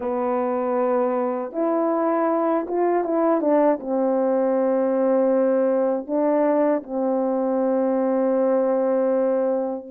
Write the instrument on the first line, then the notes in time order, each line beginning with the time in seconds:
horn
0.00 B3
1.52 E4
2.67 F4
3.04 E4
3.40 D4
3.80 C4
6.07 D4
6.83 C4